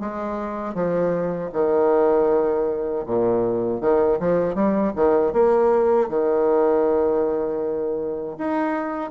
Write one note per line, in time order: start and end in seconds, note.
0.00 0.74 G#3
0.74 1.50 F3
1.53 3.05 D#3
3.06 3.81 A#2
3.81 4.19 D#3
4.19 4.55 F3
4.55 4.93 G3
4.96 5.33 D#3
5.33 6.09 A#3
6.09 8.37 D#3
8.38 9.11 D#4